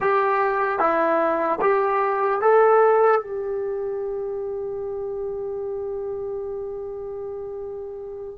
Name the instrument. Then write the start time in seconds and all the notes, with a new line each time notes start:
trombone
0.00 G4
0.79 E4
1.61 G4
2.41 A4
3.21 G4